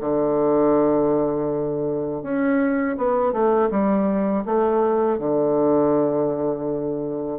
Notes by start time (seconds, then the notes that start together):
0.00 D3
2.23 C#4
2.97 B3
3.32 A3
3.70 G3
4.45 A3
5.19 D3